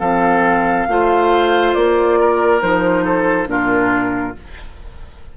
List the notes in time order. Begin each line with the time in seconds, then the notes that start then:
0.00 F3 C4 A4 F5
0.88 A3 F4 C5
1.74 A#3 D5
2.20 A#4
2.61 F3 D#4 C5
3.05 A4
3.46 A#2 D4 F4 A#4